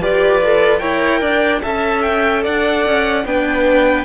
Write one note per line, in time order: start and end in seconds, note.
0.00 0.81 F4
0.00 0.42 G4
0.00 0.80 B4
0.00 0.79 D5
0.44 0.80 A4
0.79 1.21 E4
0.79 1.61 A#4
0.79 1.21 C#5
0.79 1.60 G5
1.21 1.62 D4
1.21 1.62 D5
1.62 2.46 C#4
1.62 3.25 A4
1.62 2.43 E5
1.62 2.02 A5
2.02 2.43 G5
2.43 2.87 D4
2.43 3.24 D5
2.43 3.26 F#5
2.87 3.25 C#4
3.25 4.05 B3
3.25 4.05 D4
3.25 4.05 B4
3.25 4.05 G5